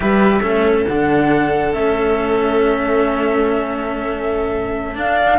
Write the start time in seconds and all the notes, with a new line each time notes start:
0.00 G3 G4 B4 E5
0.42 A3 C#4 A4
0.87 D3 D4 F#5
1.73 A3 C#4 E5
4.94 D4 F5